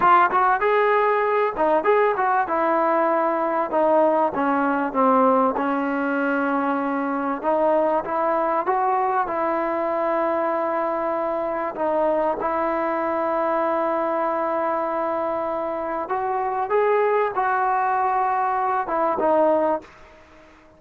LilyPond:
\new Staff \with { instrumentName = "trombone" } { \time 4/4 \tempo 4 = 97 f'8 fis'8 gis'4. dis'8 gis'8 fis'8 | e'2 dis'4 cis'4 | c'4 cis'2. | dis'4 e'4 fis'4 e'4~ |
e'2. dis'4 | e'1~ | e'2 fis'4 gis'4 | fis'2~ fis'8 e'8 dis'4 | }